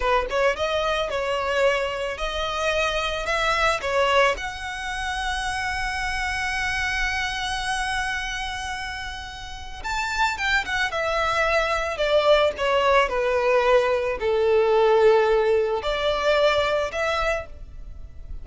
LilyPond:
\new Staff \with { instrumentName = "violin" } { \time 4/4 \tempo 4 = 110 b'8 cis''8 dis''4 cis''2 | dis''2 e''4 cis''4 | fis''1~ | fis''1~ |
fis''2 a''4 g''8 fis''8 | e''2 d''4 cis''4 | b'2 a'2~ | a'4 d''2 e''4 | }